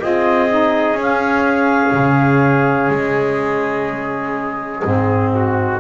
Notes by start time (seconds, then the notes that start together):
0.00 C4 F4 G#4 D#5
0.49 D#4
0.94 C#4
1.02 F5
1.92 C#3
2.89 G#3 D#5
4.84 G#2 C4
5.34 F#4